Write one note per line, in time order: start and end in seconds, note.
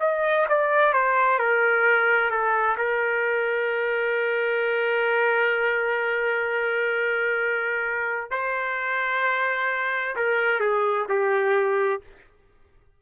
0.00 0.46 D#5
0.49 0.93 D5
0.93 1.38 C5
1.38 2.30 A#4
2.30 2.77 A4
2.77 8.31 A#4
8.31 10.15 C5
10.16 10.60 A#4
10.60 11.06 G#4
11.09 12.01 G4